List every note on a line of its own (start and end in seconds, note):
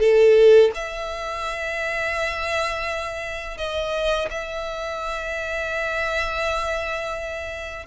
0.00 0.71 A4
0.75 3.58 E5
3.58 4.29 D#5
4.31 7.87 E5